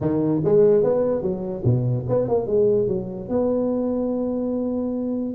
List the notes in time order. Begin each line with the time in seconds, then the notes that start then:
0.01 D#3
0.44 G#3
0.83 B3
1.21 F#3
1.64 B2
2.08 B3
2.28 A#3
2.46 G#3
2.87 F#3
3.28 B3